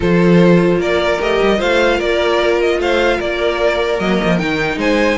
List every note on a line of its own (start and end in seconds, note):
0.00 0.78 F3
0.00 1.19 F4
0.00 0.80 A4
0.00 0.81 C5
0.78 1.18 A#3
0.78 1.58 A#4
0.78 1.21 D5
1.19 1.40 A3
1.19 1.57 G4
1.19 1.61 D#5
1.42 1.62 G3
1.57 2.00 A3
1.57 3.97 F4
1.57 1.97 C5
1.57 2.00 F5
1.97 2.78 A#3
1.97 2.77 A#4
1.97 2.60 D5
2.60 2.80 D#5
2.78 3.18 A3
2.78 3.17 C5
2.78 3.20 F5
3.17 3.99 A#3
3.17 4.77 A#4
3.17 3.99 D5
3.99 4.19 F#3
3.99 4.39 A#3
3.99 4.38 D#5
4.23 4.41 F3
4.38 4.76 D#3
4.38 5.17 D#4
4.38 4.78 G5
4.76 5.16 G#3
4.76 5.17 C5
4.76 5.17 G#5